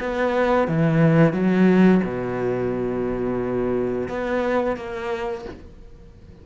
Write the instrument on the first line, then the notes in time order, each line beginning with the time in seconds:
cello
0.00 B3
0.68 E3
1.33 F#3
2.04 B2
4.09 B3
4.77 A#3